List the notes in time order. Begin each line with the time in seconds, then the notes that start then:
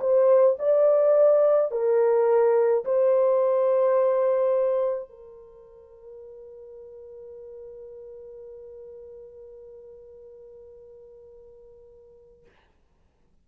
0.00 C5
0.59 D5
1.71 A#4
2.85 C5
5.09 A#4